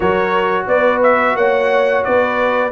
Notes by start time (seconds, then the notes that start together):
0.00 F#3 F#4 A#4 C#5
0.66 B3 B4 D5
1.03 E5
1.35 A#3 C#5 F#5
2.04 B3 B4 D5